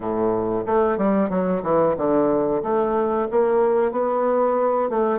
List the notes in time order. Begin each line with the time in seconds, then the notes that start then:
0.00 A2
0.66 A3
0.97 G3
1.29 F#3
1.62 E3
1.97 D3
2.62 A3
3.30 A#3
3.91 B3
4.89 A3